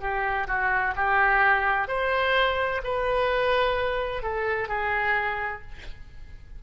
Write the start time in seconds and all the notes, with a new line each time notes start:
0.00 G4
0.47 F#4
0.95 G4
1.88 C5
2.84 B4
4.23 A4
4.68 G#4